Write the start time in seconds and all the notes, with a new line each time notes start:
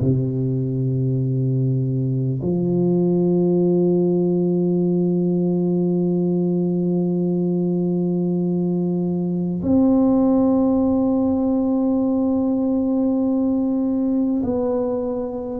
0.00 C3
2.42 F3
9.62 C4
14.42 B3